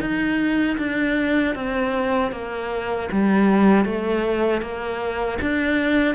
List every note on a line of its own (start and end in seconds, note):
0.00 0.77 D#4
0.78 1.55 D4
1.55 2.32 C4
2.32 3.09 A#3
3.12 3.85 G3
3.85 4.61 A3
4.61 5.38 A#3
5.41 6.15 D4